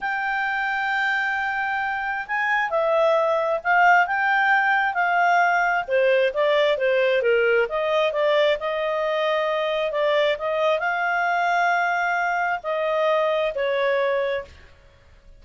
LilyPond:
\new Staff \with { instrumentName = "clarinet" } { \time 4/4 \tempo 4 = 133 g''1~ | g''4 gis''4 e''2 | f''4 g''2 f''4~ | f''4 c''4 d''4 c''4 |
ais'4 dis''4 d''4 dis''4~ | dis''2 d''4 dis''4 | f''1 | dis''2 cis''2 | }